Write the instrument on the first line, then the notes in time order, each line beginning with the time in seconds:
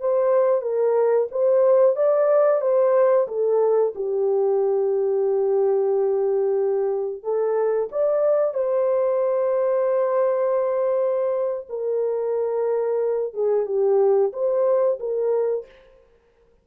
horn
0.00 C5
0.62 A#4
1.31 C5
1.96 D5
2.61 C5
3.28 A4
3.95 G4
7.23 A4
7.92 D5
8.54 C5
11.69 A#4
13.34 G#4
13.66 G4
14.33 C5
15.00 A#4